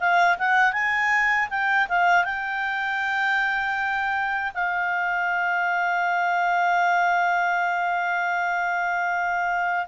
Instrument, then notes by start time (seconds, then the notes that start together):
clarinet
0.00 F5
0.39 F#5
0.73 G#5
1.50 G5
1.89 F5
2.25 G5
4.55 F5